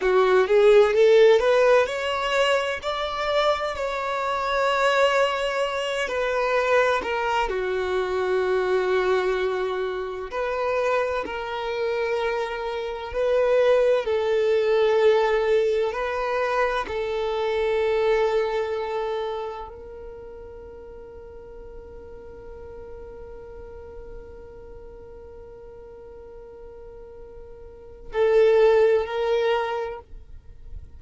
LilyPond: \new Staff \with { instrumentName = "violin" } { \time 4/4 \tempo 4 = 64 fis'8 gis'8 a'8 b'8 cis''4 d''4 | cis''2~ cis''8 b'4 ais'8 | fis'2. b'4 | ais'2 b'4 a'4~ |
a'4 b'4 a'2~ | a'4 ais'2.~ | ais'1~ | ais'2 a'4 ais'4 | }